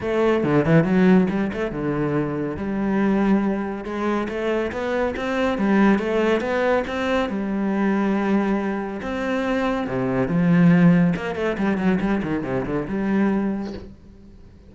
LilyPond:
\new Staff \with { instrumentName = "cello" } { \time 4/4 \tempo 4 = 140 a4 d8 e8 fis4 g8 a8 | d2 g2~ | g4 gis4 a4 b4 | c'4 g4 a4 b4 |
c'4 g2.~ | g4 c'2 c4 | f2 ais8 a8 g8 fis8 | g8 dis8 c8 d8 g2 | }